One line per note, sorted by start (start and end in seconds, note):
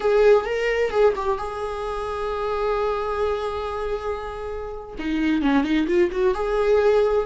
0.00 0.45 G#4
0.45 0.90 A#4
0.90 1.13 G#4
1.15 1.38 G4
1.38 4.95 G#4
4.98 5.41 D#4
5.41 5.63 C#4
5.63 5.87 D#4
5.87 6.10 F4
6.11 6.34 F#4
6.34 7.26 G#4